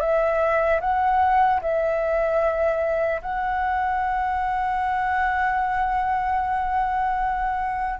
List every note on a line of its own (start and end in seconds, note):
0.00 0.80 E5
0.80 1.60 F#5
1.61 3.21 E5
3.21 7.99 F#5